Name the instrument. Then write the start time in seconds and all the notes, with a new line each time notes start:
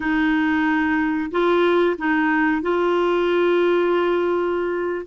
clarinet
0.00 D#4
1.31 F4
1.97 D#4
2.61 F4